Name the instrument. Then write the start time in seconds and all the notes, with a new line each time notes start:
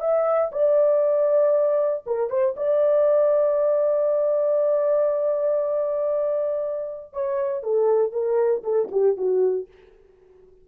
horn
0.00 E5
0.51 D5
2.06 A#4
2.29 C5
2.56 D5
7.13 C#5
7.63 A4
8.12 A#4
8.63 A4
8.91 G4
9.17 F#4